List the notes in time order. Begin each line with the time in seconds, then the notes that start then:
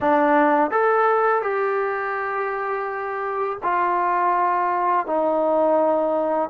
0.00 D4
0.70 A4
1.42 G4
3.62 F4
5.06 D#4